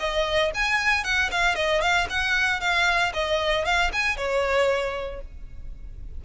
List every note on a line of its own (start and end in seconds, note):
0.00 0.52 D#5
0.55 1.05 G#5
1.05 1.31 F#5
1.32 1.56 F5
1.56 1.82 D#5
1.82 2.08 F5
2.10 2.61 F#5
2.61 3.13 F5
3.14 3.66 D#5
3.66 3.92 F5
3.93 4.17 G#5
4.17 5.22 C#5